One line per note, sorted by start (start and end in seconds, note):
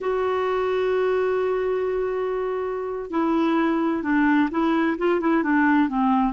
0.01 3.10 F#4
3.10 4.02 E4
4.03 4.49 D4
4.50 4.97 E4
4.98 5.20 F4
5.20 5.43 E4
5.43 5.88 D4
5.88 6.33 C4